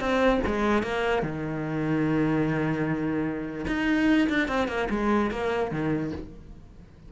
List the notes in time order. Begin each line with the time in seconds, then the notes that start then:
0.00 C4
0.46 G#3
0.83 A#3
1.23 D#3
3.67 D#4
4.29 D4
4.48 C4
4.68 A#3
4.90 G#3
5.31 A#3
5.72 D#3